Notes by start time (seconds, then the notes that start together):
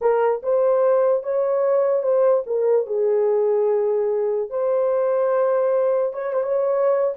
0.01 A#4
0.42 C5
1.23 C#5
2.02 C5
2.46 A#4
2.86 G#4
4.50 C5
6.13 C#5
6.33 C5
6.43 C#5